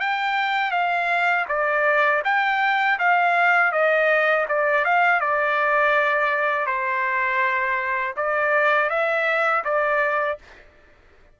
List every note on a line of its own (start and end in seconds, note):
0.00 0.71 G5
0.71 1.45 F5
1.48 2.23 D5
2.24 2.98 G5
2.99 3.72 F5
3.72 4.46 D#5
4.48 4.85 D5
4.85 5.20 F5
5.20 6.66 D5
6.66 8.15 C5
8.16 8.90 D5
8.90 9.64 E5
9.64 10.38 D5